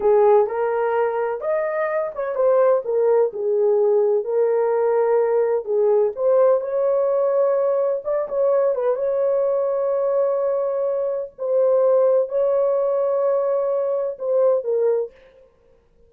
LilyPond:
\new Staff \with { instrumentName = "horn" } { \time 4/4 \tempo 4 = 127 gis'4 ais'2 dis''4~ | dis''8 cis''8 c''4 ais'4 gis'4~ | gis'4 ais'2. | gis'4 c''4 cis''2~ |
cis''4 d''8 cis''4 b'8 cis''4~ | cis''1 | c''2 cis''2~ | cis''2 c''4 ais'4 | }